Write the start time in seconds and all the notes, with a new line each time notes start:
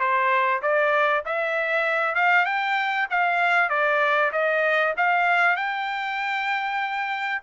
0.00 C5
0.62 D5
1.26 E5
2.15 F5
2.46 G5
3.11 F5
3.70 D5
4.33 D#5
4.97 F5
5.57 G5